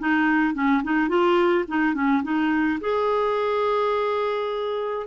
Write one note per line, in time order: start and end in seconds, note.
0.00 0.54 D#4
0.54 0.83 C#4
0.84 1.09 D#4
1.09 1.65 F4
1.68 1.95 D#4
1.95 2.23 C#4
2.23 2.80 D#4
2.81 5.07 G#4